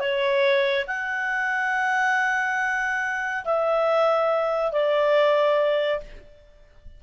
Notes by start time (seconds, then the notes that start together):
0.00 C#5
0.88 F#5
3.45 E5
4.72 D5